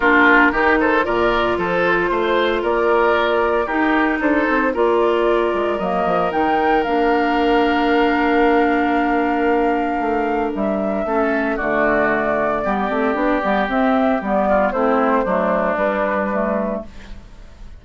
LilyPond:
<<
  \new Staff \with { instrumentName = "flute" } { \time 4/4 \tempo 4 = 114 ais'4. c''8 d''4 c''4~ | c''4 d''2 ais'4 | c''4 d''2 dis''4 | g''4 f''2.~ |
f''1 | e''2 d''2~ | d''2 e''4 d''4 | c''2 b'2 | }
  \new Staff \with { instrumentName = "oboe" } { \time 4/4 f'4 g'8 a'8 ais'4 a'4 | c''4 ais'2 g'4 | a'4 ais'2.~ | ais'1~ |
ais'1~ | ais'4 a'4 fis'2 | g'2.~ g'8 f'8 | e'4 d'2. | }
  \new Staff \with { instrumentName = "clarinet" } { \time 4/4 d'4 dis'4 f'2~ | f'2. dis'4~ | dis'4 f'2 ais4 | dis'4 d'2.~ |
d'1~ | d'4 cis'4 a2 | b8 c'8 d'8 b8 c'4 b4 | c'4 a4 g4 a4 | }
  \new Staff \with { instrumentName = "bassoon" } { \time 4/4 ais4 dis4 ais,4 f4 | a4 ais2 dis'4 | d'8 c'8 ais4. gis8 fis8 f8 | dis4 ais2.~ |
ais2. a4 | g4 a4 d2 | g8 a8 b8 g8 c'4 g4 | a4 fis4 g2 | }
>>